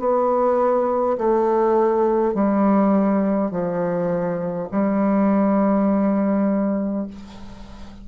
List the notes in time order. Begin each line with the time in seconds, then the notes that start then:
0.00 B3
1.18 A3
2.35 G3
3.51 F3
4.72 G3